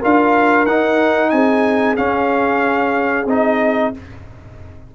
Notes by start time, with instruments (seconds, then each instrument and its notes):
0.00 tuba D4, trombone F4, horn A#4, trumpet F5
0.66 tuba D#4, trombone D#4, trumpet F#5
1.30 tuba C4, horn G#4, trumpet G#5
1.96 trombone C#4, tuba C#4, trumpet F5
3.26 tuba C4, trombone D#4, trumpet D#5